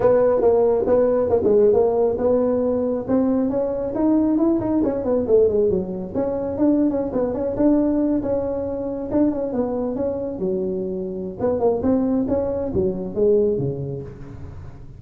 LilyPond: \new Staff \with { instrumentName = "tuba" } { \time 4/4 \tempo 4 = 137 b4 ais4 b4 ais16 gis8. | ais4 b2 c'4 | cis'4 dis'4 e'8 dis'8 cis'8 b8 | a8 gis8 fis4 cis'4 d'8. cis'16~ |
cis'16 b8 cis'8 d'4. cis'4~ cis'16~ | cis'8. d'8 cis'8 b4 cis'4 fis16~ | fis2 b8 ais8 c'4 | cis'4 fis4 gis4 cis4 | }